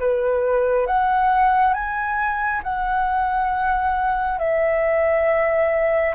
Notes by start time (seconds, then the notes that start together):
0.00 B4
0.87 F#5
1.74 G#5
2.64 F#5
4.39 E5